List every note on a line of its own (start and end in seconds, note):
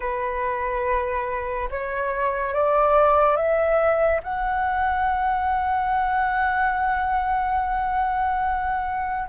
0.00 1.69 B4
1.70 2.54 C#5
2.54 3.36 D5
3.36 4.20 E5
4.23 9.28 F#5